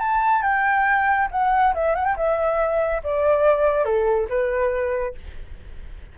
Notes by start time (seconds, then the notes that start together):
0.00 A5
0.43 G5
1.31 F#5
1.75 E5
1.95 F#5
2.05 G5
2.17 E5
3.04 D5
3.85 A4
4.29 B4